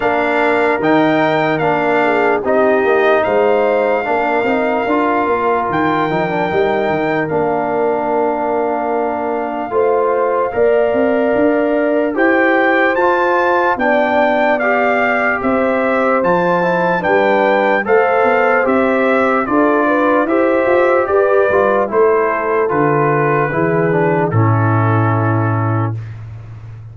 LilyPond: <<
  \new Staff \with { instrumentName = "trumpet" } { \time 4/4 \tempo 4 = 74 f''4 g''4 f''4 dis''4 | f''2. g''4~ | g''4 f''2.~ | f''2. g''4 |
a''4 g''4 f''4 e''4 | a''4 g''4 f''4 e''4 | d''4 e''4 d''4 c''4 | b'2 a'2 | }
  \new Staff \with { instrumentName = "horn" } { \time 4/4 ais'2~ ais'8 gis'8 g'4 | c''4 ais'2.~ | ais'1 | c''4 d''2 c''4~ |
c''4 d''2 c''4~ | c''4 b'4 c''2 | a'8 b'8 c''4 b'4 a'4~ | a'4 gis'4 e'2 | }
  \new Staff \with { instrumentName = "trombone" } { \time 4/4 d'4 dis'4 d'4 dis'4~ | dis'4 d'8 dis'8 f'4. dis'16 d'16 | dis'4 d'2. | f'4 ais'2 g'4 |
f'4 d'4 g'2 | f'8 e'8 d'4 a'4 g'4 | f'4 g'4. f'8 e'4 | f'4 e'8 d'8 cis'2 | }
  \new Staff \with { instrumentName = "tuba" } { \time 4/4 ais4 dis4 ais4 c'8 ais8 | gis4 ais8 c'8 d'8 ais8 dis8 f8 | g8 dis8 ais2. | a4 ais8 c'8 d'4 e'4 |
f'4 b2 c'4 | f4 g4 a8 b8 c'4 | d'4 e'8 f'8 g'8 g8 a4 | d4 e4 a,2 | }
>>